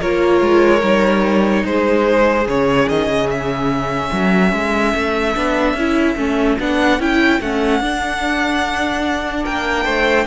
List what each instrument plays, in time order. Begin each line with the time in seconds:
0.00 cello A#3, viola F4, violin A#4 C#5
0.40 cello G#3
0.79 cello G3, viola D#4
1.64 cello G#3, violin G#4 C5
2.46 cello C#3, viola C#4, violin C#5
2.88 cello D#3, violin D#5
3.07 cello C#3
3.29 violin E5
4.11 cello F#3, violin A4
4.52 cello G#3
4.94 cello A3
5.35 cello B3, viola D4
5.73 cello C#4, viola E4
6.16 cello A3, viola C#4
6.59 cello B3, viola D4, violin F#5
6.99 cello C#4, viola E4, violin G5
7.40 cello A3, viola C#4, violin F#5
7.80 cello D4, viola D4
9.44 cello A#3, violin A#4 G5
9.84 cello A3, violin C5